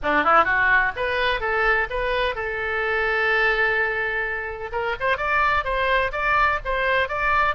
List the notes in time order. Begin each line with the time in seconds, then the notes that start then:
0.02 D4
0.23 E4
0.44 F#4
0.96 B4
1.40 A4
1.90 B4
2.35 A4
4.71 A#4
5.00 C5
5.17 D5
5.64 C5
6.12 D5
6.64 C5
7.08 D5